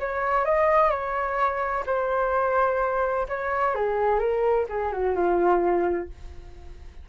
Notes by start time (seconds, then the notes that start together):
0.00 C#5
0.45 D#5
0.90 C#5
1.86 C5
3.29 C#5
3.75 G#4
4.19 A#4
4.69 G#4
4.92 F#4
5.15 F4